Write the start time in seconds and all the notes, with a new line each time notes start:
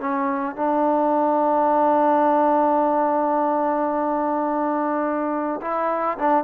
0.00 C#4
0.56 D4
5.62 E4
6.18 D4